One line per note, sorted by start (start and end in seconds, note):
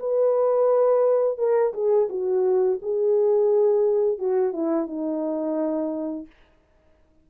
0.00 1.38 B4
1.38 1.73 A#4
1.74 2.09 G#4
2.10 2.79 F#4
2.82 4.19 G#4
4.19 4.53 F#4
4.53 4.87 E4
4.87 6.27 D#4